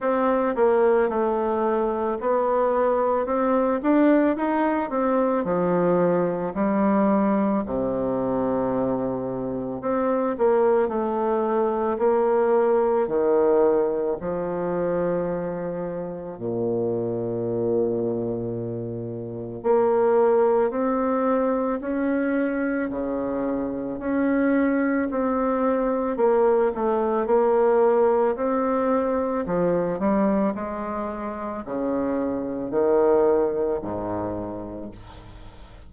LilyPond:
\new Staff \with { instrumentName = "bassoon" } { \time 4/4 \tempo 4 = 55 c'8 ais8 a4 b4 c'8 d'8 | dis'8 c'8 f4 g4 c4~ | c4 c'8 ais8 a4 ais4 | dis4 f2 ais,4~ |
ais,2 ais4 c'4 | cis'4 cis4 cis'4 c'4 | ais8 a8 ais4 c'4 f8 g8 | gis4 cis4 dis4 gis,4 | }